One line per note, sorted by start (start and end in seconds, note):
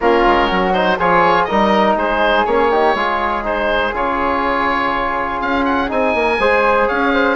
0.00 0.25 A#3
0.00 0.73 C#4
0.00 0.46 F4
0.00 0.73 A#4
0.26 0.50 G#3
0.46 0.98 F#3
0.46 0.95 F#4
0.73 0.97 D#4
0.73 0.97 C5
0.98 1.47 F3
0.98 1.49 F4
0.98 1.47 G#4
0.98 1.44 C#5
1.44 2.47 D#4
1.44 1.97 A#4
1.44 1.93 D#5
1.50 1.96 G3
1.96 2.45 G#3
1.96 2.70 G#4
1.96 2.45 C5
2.45 2.94 A#3
2.45 2.71 C#4
2.45 3.44 C#5
2.70 2.95 D#4
2.70 2.95 G4
2.94 3.93 G#3
2.94 3.43 F4
2.94 6.15 G#4
3.43 3.92 D#4
3.43 3.94 C5
3.93 5.41 C#3
3.93 5.88 F4
3.93 5.41 C#5
5.41 5.90 C#4
5.41 5.64 F5
5.64 5.89 F#5
5.88 6.14 C4
5.88 6.37 D#4
5.88 6.88 G#5
6.14 6.39 A#3
6.14 6.40 A#4
6.39 6.88 G#3
6.39 7.35 G#4
6.39 6.87 C5
6.87 7.35 C#4
6.87 7.12 C#5
6.87 7.35 F5
7.13 7.35 C5